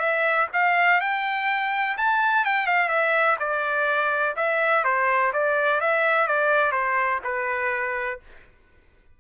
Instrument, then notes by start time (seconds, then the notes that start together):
trumpet
0.00 E5
0.53 F5
1.01 G5
1.98 A5
2.45 G5
2.67 F5
2.89 E5
3.40 D5
4.37 E5
4.85 C5
5.33 D5
5.81 E5
6.28 D5
6.72 C5
7.24 B4